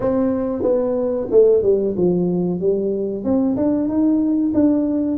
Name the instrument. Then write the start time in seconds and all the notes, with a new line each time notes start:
tuba
0.00 C4
0.62 B3
1.30 A3
1.62 G3
1.96 F3
2.60 G3
3.23 C4
3.56 D4
3.88 D#4
4.54 D4